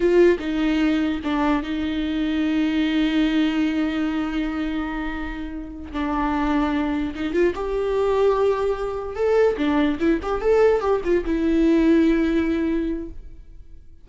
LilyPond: \new Staff \with { instrumentName = "viola" } { \time 4/4 \tempo 4 = 147 f'4 dis'2 d'4 | dis'1~ | dis'1~ | dis'2~ dis'8 d'4.~ |
d'4. dis'8 f'8 g'4.~ | g'2~ g'8 a'4 d'8~ | d'8 e'8 g'8 a'4 g'8 f'8 e'8~ | e'1 | }